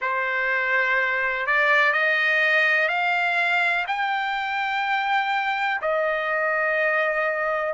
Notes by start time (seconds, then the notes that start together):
0.01 C5
1.46 D5
1.93 D#5
2.88 F5
3.87 G5
5.81 D#5